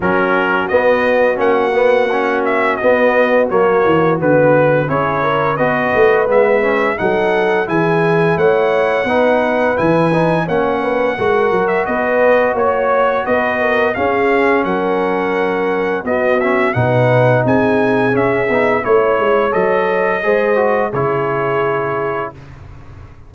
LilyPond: <<
  \new Staff \with { instrumentName = "trumpet" } { \time 4/4 \tempo 4 = 86 ais'4 dis''4 fis''4. e''8 | dis''4 cis''4 b'4 cis''4 | dis''4 e''4 fis''4 gis''4 | fis''2 gis''4 fis''4~ |
fis''8. e''16 dis''4 cis''4 dis''4 | f''4 fis''2 dis''8 e''8 | fis''4 gis''4 e''4 cis''4 | dis''2 cis''2 | }
  \new Staff \with { instrumentName = "horn" } { \time 4/4 fis'1~ | fis'2. gis'8 ais'8 | b'2 a'4 gis'4 | cis''4 b'2 cis''8 b'8 |
ais'4 b'4 cis''4 b'8 ais'8 | gis'4 ais'2 fis'4 | b'4 gis'2 cis''4~ | cis''4 c''4 gis'2 | }
  \new Staff \with { instrumentName = "trombone" } { \time 4/4 cis'4 b4 cis'8 b8 cis'4 | b4 ais4 b4 e'4 | fis'4 b8 cis'8 dis'4 e'4~ | e'4 dis'4 e'8 dis'8 cis'4 |
fis'1 | cis'2. b8 cis'8 | dis'2 cis'8 dis'8 e'4 | a'4 gis'8 fis'8 e'2 | }
  \new Staff \with { instrumentName = "tuba" } { \time 4/4 fis4 b4 ais2 | b4 fis8 e8 d4 cis'4 | b8 a8 gis4 fis4 e4 | a4 b4 e4 ais4 |
gis8 fis8 b4 ais4 b4 | cis'4 fis2 b4 | b,4 c'4 cis'8 b8 a8 gis8 | fis4 gis4 cis2 | }
>>